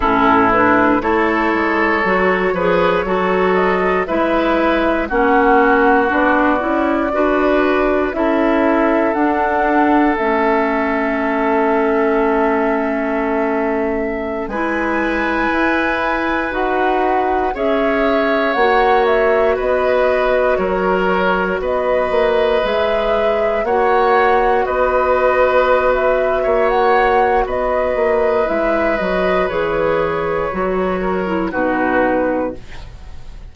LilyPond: <<
  \new Staff \with { instrumentName = "flute" } { \time 4/4 \tempo 4 = 59 a'8 b'8 cis''2~ cis''8 dis''8 | e''4 fis''4 d''2 | e''4 fis''4 e''2~ | e''2~ e''16 gis''4.~ gis''16~ |
gis''16 fis''4 e''4 fis''8 e''8 dis''8.~ | dis''16 cis''4 dis''4 e''4 fis''8.~ | fis''16 dis''4~ dis''16 e''8. fis''8. dis''4 | e''8 dis''8 cis''2 b'4 | }
  \new Staff \with { instrumentName = "oboe" } { \time 4/4 e'4 a'4. b'8 a'4 | b'4 fis'2 b'4 | a'1~ | a'2~ a'16 b'4.~ b'16~ |
b'4~ b'16 cis''2 b'8.~ | b'16 ais'4 b'2 cis''8.~ | cis''16 b'4.~ b'16 cis''4 b'4~ | b'2~ b'8 ais'8 fis'4 | }
  \new Staff \with { instrumentName = "clarinet" } { \time 4/4 cis'8 d'8 e'4 fis'8 gis'8 fis'4 | e'4 cis'4 d'8 e'8 fis'4 | e'4 d'4 cis'2~ | cis'2~ cis'16 e'4.~ e'16~ |
e'16 fis'4 gis'4 fis'4.~ fis'16~ | fis'2~ fis'16 gis'4 fis'8.~ | fis'1 | e'8 fis'8 gis'4 fis'8. e'16 dis'4 | }
  \new Staff \with { instrumentName = "bassoon" } { \time 4/4 a,4 a8 gis8 fis8 f8 fis4 | gis4 ais4 b8 cis'8 d'4 | cis'4 d'4 a2~ | a2~ a16 gis4 e'8.~ |
e'16 dis'4 cis'4 ais4 b8.~ | b16 fis4 b8 ais8 gis4 ais8.~ | ais16 b4.~ b16 ais4 b8 ais8 | gis8 fis8 e4 fis4 b,4 | }
>>